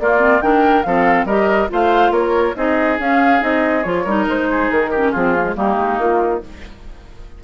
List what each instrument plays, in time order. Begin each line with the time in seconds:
0.00 bassoon A#3, clarinet A#3, oboe F4, flute D5
0.19 clarinet C4
0.42 bassoon D#3, clarinet D4, oboe A#4, flute G5
0.83 bassoon F3, clarinet C4, oboe A4, flute F5
1.25 bassoon G3, clarinet G4, oboe A#4, flute D#5
1.69 bassoon A3, clarinet F4, oboe C5, flute F5
2.11 bassoon A#3, oboe A#4, flute C#5
2.56 bassoon C4, clarinet D#4, oboe G#4, flute D#5
2.99 clarinet C#4, bassoon C#4, flute F5
3.40 bassoon C4, clarinet D#4, flute D#5
3.84 bassoon F3, clarinet F4, flute C#5
4.04 bassoon G3, clarinet D#4, oboe A#4
4.27 bassoon G#3, flute C5
4.51 oboe G#4
4.71 bassoon D#3, flute A#4
4.91 clarinet C#4, oboe G4
5.12 bassoon F3, clarinet C4, oboe F4, flute G#4
5.36 clarinet A#3
5.44 clarinet G#3
5.56 bassoon G3, clarinet A#3, oboe D#4, flute G4
5.77 bassoon G#3
5.98 bassoon A#3, flute F4